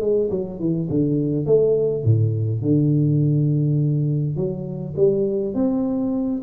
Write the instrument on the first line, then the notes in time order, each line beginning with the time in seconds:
tuba
0.00 G#3
0.30 F#3
0.59 E3
0.89 D3
1.46 A3
2.04 A2
2.61 D3
4.36 F#3
4.96 G3
5.54 C4